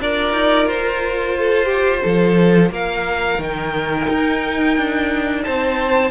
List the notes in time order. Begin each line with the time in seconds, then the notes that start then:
0.00 D4 F4 A#4 D5
0.34 D#4
0.67 F4 C5
1.38 A4
1.65 G4
2.03 F3 A4
2.71 A#3 A#4 F5
3.39 D#3 D#4 G5
4.10 D#4
4.77 D4
5.44 C4 C5 A5